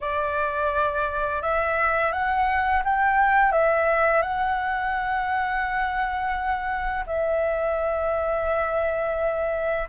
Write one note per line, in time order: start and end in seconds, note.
0.00 1.41 D5
1.42 2.12 E5
2.12 2.82 F#5
2.84 3.51 G5
3.51 4.22 E5
4.22 7.04 F#5
7.06 9.88 E5